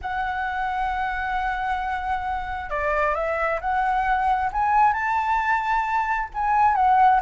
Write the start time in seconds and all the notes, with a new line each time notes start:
0.01 F#5
2.69 D5
3.14 E5
3.60 F#5
4.52 G#5
4.93 A5
6.34 G#5
6.75 F#5